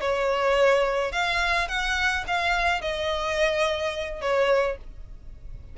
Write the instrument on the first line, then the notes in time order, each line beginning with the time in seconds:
violin
0.00 C#5
1.11 F5
1.68 F#5
2.27 F5
2.81 D#5
4.21 C#5